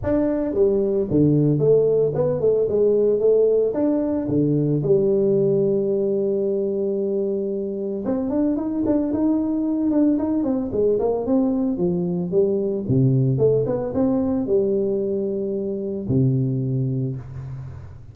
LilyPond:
\new Staff \with { instrumentName = "tuba" } { \time 4/4 \tempo 4 = 112 d'4 g4 d4 a4 | b8 a8 gis4 a4 d'4 | d4 g2.~ | g2. c'8 d'8 |
dis'8 d'8 dis'4. d'8 dis'8 c'8 | gis8 ais8 c'4 f4 g4 | c4 a8 b8 c'4 g4~ | g2 c2 | }